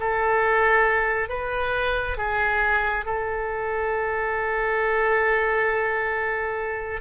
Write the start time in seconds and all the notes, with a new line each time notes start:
0.00 A4
1.30 B4
2.18 G#4
3.06 A4